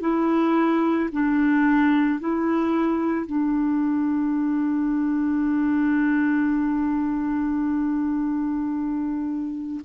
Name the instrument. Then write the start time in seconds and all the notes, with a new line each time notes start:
clarinet
0.00 E4
1.12 D4
2.19 E4
3.26 D4